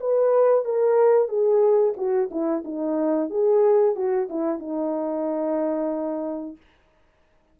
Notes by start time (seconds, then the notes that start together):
0.00 B4
0.65 A#4
1.28 G#4
1.97 F#4
2.30 E4
2.64 D#4
3.30 G#4
3.95 F#4
4.29 E4
4.59 D#4